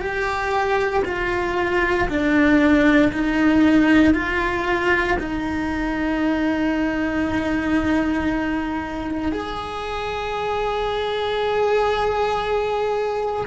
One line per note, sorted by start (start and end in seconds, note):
0.00 1.03 G4
1.05 2.08 F4
2.09 3.12 D4
3.12 4.14 D#4
4.14 5.17 F4
5.19 9.32 D#4
9.32 13.46 G#4